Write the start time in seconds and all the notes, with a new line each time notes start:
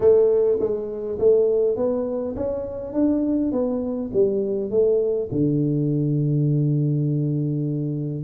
0.00 A3
0.59 G#3
1.18 A3
1.76 B3
2.36 C#4
2.93 D4
3.51 B3
4.13 G3
4.70 A3
5.31 D3